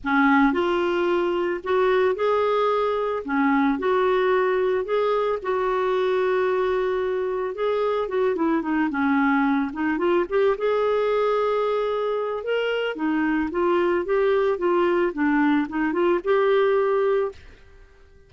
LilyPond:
\new Staff \with { instrumentName = "clarinet" } { \time 4/4 \tempo 4 = 111 cis'4 f'2 fis'4 | gis'2 cis'4 fis'4~ | fis'4 gis'4 fis'2~ | fis'2 gis'4 fis'8 e'8 |
dis'8 cis'4. dis'8 f'8 g'8 gis'8~ | gis'2. ais'4 | dis'4 f'4 g'4 f'4 | d'4 dis'8 f'8 g'2 | }